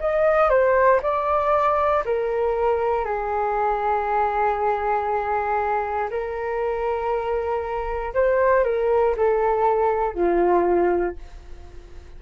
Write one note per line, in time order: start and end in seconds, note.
0.00 0.49 D#5
0.49 1.00 C5
1.02 2.04 D5
2.05 3.05 A#4
3.05 6.10 G#4
6.10 8.14 A#4
8.14 8.64 C5
8.64 9.15 A#4
9.17 10.14 A4
10.14 11.16 F4